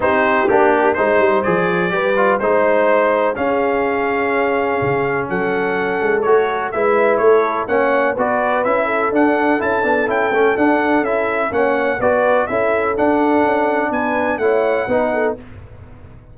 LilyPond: <<
  \new Staff \with { instrumentName = "trumpet" } { \time 4/4 \tempo 4 = 125 c''4 g'4 c''4 d''4~ | d''4 c''2 f''4~ | f''2. fis''4~ | fis''4 cis''4 e''4 cis''4 |
fis''4 d''4 e''4 fis''4 | a''4 g''4 fis''4 e''4 | fis''4 d''4 e''4 fis''4~ | fis''4 gis''4 fis''2 | }
  \new Staff \with { instrumentName = "horn" } { \time 4/4 g'2 c''2 | b'4 c''2 gis'4~ | gis'2. a'4~ | a'2 b'4 a'4 |
cis''4 b'4. a'4.~ | a'1 | cis''4 b'4 a'2~ | a'4 b'4 cis''4 b'8 a'8 | }
  \new Staff \with { instrumentName = "trombone" } { \time 4/4 dis'4 d'4 dis'4 gis'4 | g'8 f'8 dis'2 cis'4~ | cis'1~ | cis'4 fis'4 e'2 |
cis'4 fis'4 e'4 d'4 | e'8 d'8 e'8 cis'8 d'4 e'4 | cis'4 fis'4 e'4 d'4~ | d'2 e'4 dis'4 | }
  \new Staff \with { instrumentName = "tuba" } { \time 4/4 c'4 ais4 gis8 g8 f4 | g4 gis2 cis'4~ | cis'2 cis4 fis4~ | fis8 gis8 a4 gis4 a4 |
ais4 b4 cis'4 d'4 | cis'8 b8 cis'8 a8 d'4 cis'4 | ais4 b4 cis'4 d'4 | cis'4 b4 a4 b4 | }
>>